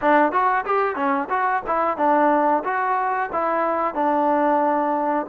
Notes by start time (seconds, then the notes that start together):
0.01 D4
0.31 F#4
0.65 G4
0.95 C#4
1.29 F#4
1.66 E4
1.97 D4
2.63 F#4
3.32 E4
3.94 D4